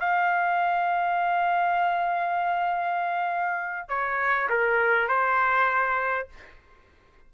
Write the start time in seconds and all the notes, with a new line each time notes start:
0.00 F5
3.89 C#5
4.49 A#4
5.09 C5